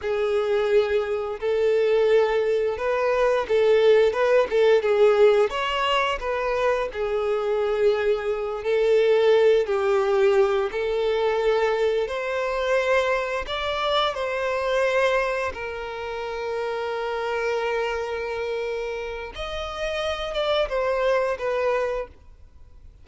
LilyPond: \new Staff \with { instrumentName = "violin" } { \time 4/4 \tempo 4 = 87 gis'2 a'2 | b'4 a'4 b'8 a'8 gis'4 | cis''4 b'4 gis'2~ | gis'8 a'4. g'4. a'8~ |
a'4. c''2 d''8~ | d''8 c''2 ais'4.~ | ais'1 | dis''4. d''8 c''4 b'4 | }